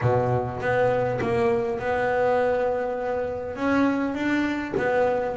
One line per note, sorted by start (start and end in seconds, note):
0.01 0.60 B2
0.60 1.19 B3
1.21 1.79 A#3
1.79 3.55 B3
3.55 4.14 C#4
4.14 4.73 D4
4.77 5.36 B3